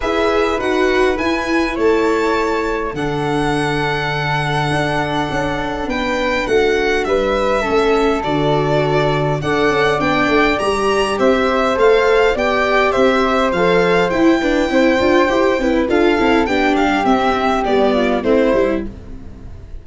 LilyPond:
<<
  \new Staff \with { instrumentName = "violin" } { \time 4/4 \tempo 4 = 102 e''4 fis''4 gis''4 a''4~ | a''4 fis''2.~ | fis''2 g''4 fis''4 | e''2 d''2 |
fis''4 g''4 ais''4 e''4 | f''4 g''4 e''4 f''4 | g''2. f''4 | g''8 f''8 e''4 d''4 c''4 | }
  \new Staff \with { instrumentName = "flute" } { \time 4/4 b'2. cis''4~ | cis''4 a'2.~ | a'2 b'4 fis'4 | b'4 a'2. |
d''2. c''4~ | c''4 d''4 c''2~ | c''8 b'8 c''4. b'8 a'4 | g'2~ g'8 f'8 e'4 | }
  \new Staff \with { instrumentName = "viola" } { \time 4/4 gis'4 fis'4 e'2~ | e'4 d'2.~ | d'1~ | d'4 cis'4 fis'2 |
a'4 d'4 g'2 | a'4 g'2 a'4 | e'8 d'8 e'8 f'8 g'8 e'8 f'8 e'8 | d'4 c'4 b4 c'8 e'8 | }
  \new Staff \with { instrumentName = "tuba" } { \time 4/4 e'4 dis'4 e'4 a4~ | a4 d2. | d'4 cis'4 b4 a4 | g4 a4 d2 |
d'8 cis'8 b8 a8 g4 c'4 | a4 b4 c'4 f4 | e'4 c'8 d'8 e'8 c'8 d'8 c'8 | b8 g8 c'4 g4 a8 g8 | }
>>